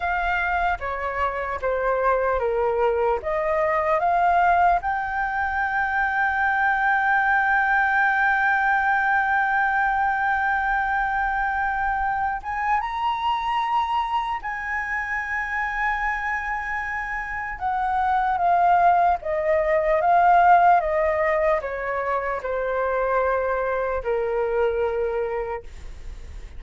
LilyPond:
\new Staff \with { instrumentName = "flute" } { \time 4/4 \tempo 4 = 75 f''4 cis''4 c''4 ais'4 | dis''4 f''4 g''2~ | g''1~ | g''2.~ g''8 gis''8 |
ais''2 gis''2~ | gis''2 fis''4 f''4 | dis''4 f''4 dis''4 cis''4 | c''2 ais'2 | }